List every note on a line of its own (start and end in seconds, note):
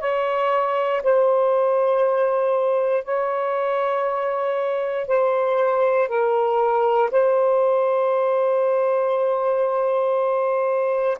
0.00 1.02 C#5
1.03 3.05 C5
3.05 5.08 C#5
5.08 6.08 C5
6.08 7.10 A#4
7.11 11.18 C5